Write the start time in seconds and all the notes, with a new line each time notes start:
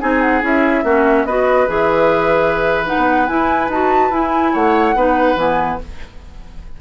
0.00 C4 D#4 G#4 G#5
0.21 F#5
0.42 C#4 E4 E5
0.83 A#3 C#4 F#4
1.25 B3 F#4 B4 D#5
1.67 E3 G#4 E5
2.85 D#4 F#5
2.97 B3
3.27 E4 G#5
3.68 D#4 F#4 A5
4.10 E4 G#5
4.53 A3 C#5 F#5
4.95 B3 D#4 B4
5.36 E3 B3 G#5